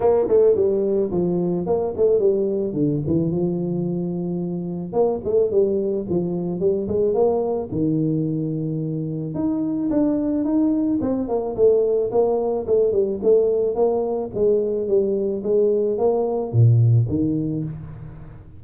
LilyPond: \new Staff \with { instrumentName = "tuba" } { \time 4/4 \tempo 4 = 109 ais8 a8 g4 f4 ais8 a8 | g4 d8 e8 f2~ | f4 ais8 a8 g4 f4 | g8 gis8 ais4 dis2~ |
dis4 dis'4 d'4 dis'4 | c'8 ais8 a4 ais4 a8 g8 | a4 ais4 gis4 g4 | gis4 ais4 ais,4 dis4 | }